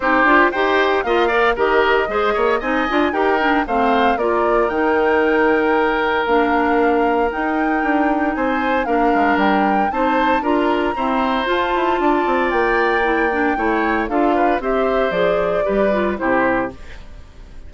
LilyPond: <<
  \new Staff \with { instrumentName = "flute" } { \time 4/4 \tempo 4 = 115 c''4 g''4 f''4 dis''4~ | dis''4 gis''4 g''4 f''4 | d''4 g''2. | f''2 g''2 |
gis''4 f''4 g''4 a''4 | ais''2 a''2 | g''2. f''4 | e''4 d''2 c''4 | }
  \new Staff \with { instrumentName = "oboe" } { \time 4/4 g'4 c''4 dis''8 d''8 ais'4 | c''8 cis''8 dis''4 ais'4 c''4 | ais'1~ | ais'1 |
c''4 ais'2 c''4 | ais'4 c''2 d''4~ | d''2 cis''4 a'8 b'8 | c''2 b'4 g'4 | }
  \new Staff \with { instrumentName = "clarinet" } { \time 4/4 dis'8 f'8 g'4 f'8 ais'8 g'4 | gis'4 dis'8 f'8 g'8 d'8 c'4 | f'4 dis'2. | d'2 dis'2~ |
dis'4 d'2 dis'4 | f'4 c'4 f'2~ | f'4 e'8 d'8 e'4 f'4 | g'4 gis'4 g'8 f'8 e'4 | }
  \new Staff \with { instrumentName = "bassoon" } { \time 4/4 c'8 d'8 dis'4 ais4 dis4 | gis8 ais8 c'8 d'8 dis'4 a4 | ais4 dis2. | ais2 dis'4 d'4 |
c'4 ais8 gis8 g4 c'4 | d'4 e'4 f'8 e'8 d'8 c'8 | ais2 a4 d'4 | c'4 f4 g4 c4 | }
>>